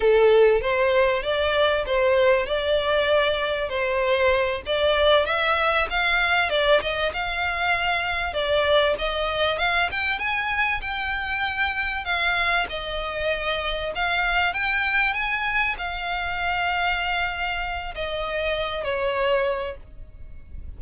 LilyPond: \new Staff \with { instrumentName = "violin" } { \time 4/4 \tempo 4 = 97 a'4 c''4 d''4 c''4 | d''2 c''4. d''8~ | d''8 e''4 f''4 d''8 dis''8 f''8~ | f''4. d''4 dis''4 f''8 |
g''8 gis''4 g''2 f''8~ | f''8 dis''2 f''4 g''8~ | g''8 gis''4 f''2~ f''8~ | f''4 dis''4. cis''4. | }